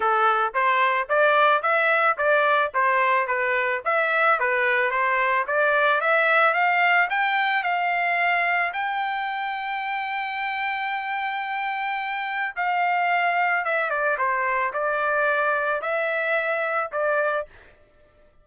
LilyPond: \new Staff \with { instrumentName = "trumpet" } { \time 4/4 \tempo 4 = 110 a'4 c''4 d''4 e''4 | d''4 c''4 b'4 e''4 | b'4 c''4 d''4 e''4 | f''4 g''4 f''2 |
g''1~ | g''2. f''4~ | f''4 e''8 d''8 c''4 d''4~ | d''4 e''2 d''4 | }